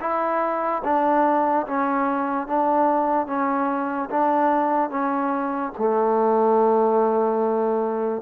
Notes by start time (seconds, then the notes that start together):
0.00 E4
0.84 D4
1.67 C#4
2.47 D4
3.27 C#4
4.10 D4
4.90 C#4
5.78 A3